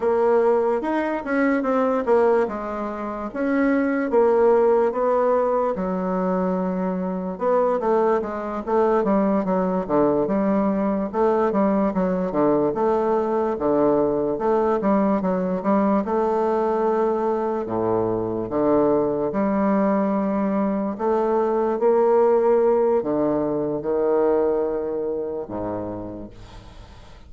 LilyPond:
\new Staff \with { instrumentName = "bassoon" } { \time 4/4 \tempo 4 = 73 ais4 dis'8 cis'8 c'8 ais8 gis4 | cis'4 ais4 b4 fis4~ | fis4 b8 a8 gis8 a8 g8 fis8 | d8 g4 a8 g8 fis8 d8 a8~ |
a8 d4 a8 g8 fis8 g8 a8~ | a4. a,4 d4 g8~ | g4. a4 ais4. | d4 dis2 gis,4 | }